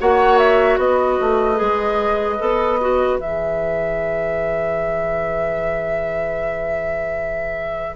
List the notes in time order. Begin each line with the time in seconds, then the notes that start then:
0.00 A#3 F#4 C#5 F#5
0.38 E5
0.78 B3 B4 D#5
1.21 A3
1.56 G#3 G#4
2.39 B3 A4
2.81 F#4
3.19 E3 G#4 E5